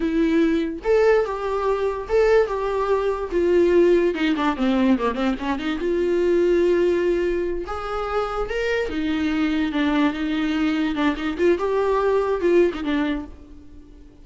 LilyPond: \new Staff \with { instrumentName = "viola" } { \time 4/4 \tempo 4 = 145 e'2 a'4 g'4~ | g'4 a'4 g'2 | f'2 dis'8 d'8 c'4 | ais8 c'8 cis'8 dis'8 f'2~ |
f'2~ f'8 gis'4.~ | gis'8 ais'4 dis'2 d'8~ | d'8 dis'2 d'8 dis'8 f'8 | g'2 f'8. dis'16 d'4 | }